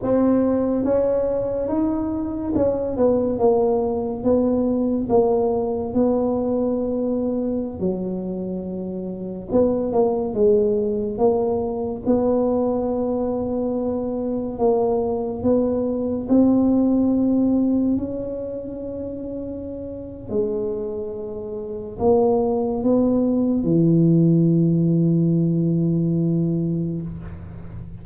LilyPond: \new Staff \with { instrumentName = "tuba" } { \time 4/4 \tempo 4 = 71 c'4 cis'4 dis'4 cis'8 b8 | ais4 b4 ais4 b4~ | b4~ b16 fis2 b8 ais16~ | ais16 gis4 ais4 b4.~ b16~ |
b4~ b16 ais4 b4 c'8.~ | c'4~ c'16 cis'2~ cis'8. | gis2 ais4 b4 | e1 | }